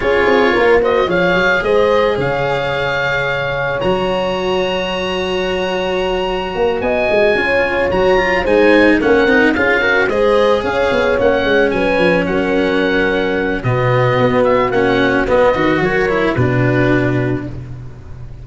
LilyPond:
<<
  \new Staff \with { instrumentName = "oboe" } { \time 4/4 \tempo 4 = 110 cis''4. dis''8 f''4 dis''4 | f''2. ais''4~ | ais''1~ | ais''8 gis''2 ais''4 gis''8~ |
gis''8 fis''4 f''4 dis''4 f''8~ | f''8 fis''4 gis''4 fis''4.~ | fis''4 dis''4. e''8 fis''4 | dis''4 cis''4 b'2 | }
  \new Staff \with { instrumentName = "horn" } { \time 4/4 gis'4 ais'8 c''8 cis''4 c''4 | cis''1~ | cis''1~ | cis''8 dis''4 cis''2 c''8~ |
c''8 ais'4 gis'8 ais'8 c''4 cis''8~ | cis''4. b'4 ais'4.~ | ais'4 fis'2.~ | fis'8 b'8 ais'4 fis'2 | }
  \new Staff \with { instrumentName = "cello" } { \time 4/4 f'4. fis'8 gis'2~ | gis'2. fis'4~ | fis'1~ | fis'4. f'4 fis'8 f'8 dis'8~ |
dis'8 cis'8 dis'8 f'8 fis'8 gis'4.~ | gis'8 cis'2.~ cis'8~ | cis'4 b2 cis'4 | b8 fis'4 e'8 d'2 | }
  \new Staff \with { instrumentName = "tuba" } { \time 4/4 cis'8 c'8 ais4 f8 fis8 gis4 | cis2. fis4~ | fis1 | ais8 b8 gis8 cis'4 fis4 gis8~ |
gis8 ais8 c'8 cis'4 gis4 cis'8 | b8 ais8 gis8 fis8 f8 fis4.~ | fis4 b,4 b4 ais4 | b8 dis8 fis4 b,2 | }
>>